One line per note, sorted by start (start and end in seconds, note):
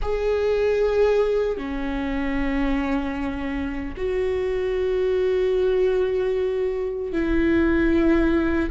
0.01 1.57 G#4
1.57 3.94 C#4
3.96 7.12 F#4
7.12 8.70 E4